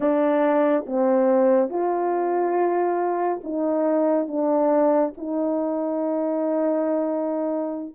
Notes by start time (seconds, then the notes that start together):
0.00 D4
0.86 C4
1.69 F4
3.43 D#4
4.27 D4
5.17 D#4